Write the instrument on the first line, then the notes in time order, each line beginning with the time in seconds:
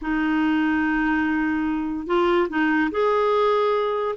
clarinet
0.01 D#4
2.06 F4
2.49 D#4
2.91 G#4